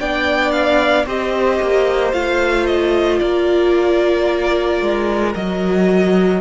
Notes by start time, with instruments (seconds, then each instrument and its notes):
0.00 cello B3, viola D4, violin D5 G5
0.52 violin F5
1.06 cello C4, viola G4, violin C5 D#5
1.62 cello A#3
2.13 cello A3, viola F4, violin F5
2.66 violin D#5
3.19 cello A#3, violin A#4 D5
4.82 cello G#3
5.35 cello F#3, viola F#4, violin D#5